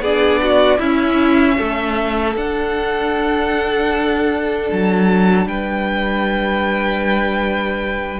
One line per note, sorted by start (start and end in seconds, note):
0.00 0.78 B3
0.00 0.81 D4
0.00 0.41 G#4
0.00 0.80 D5
0.43 0.79 F#4
0.79 1.58 C#4
0.79 2.36 C#4
0.79 1.57 E4
0.79 2.36 E5
1.58 2.36 A3
1.58 5.47 A4
2.36 4.69 D4
2.36 8.20 D4
2.36 4.71 F#5
4.71 5.46 F#3
4.71 5.48 A5
5.46 8.19 G3
5.46 8.20 B4
5.46 8.20 G5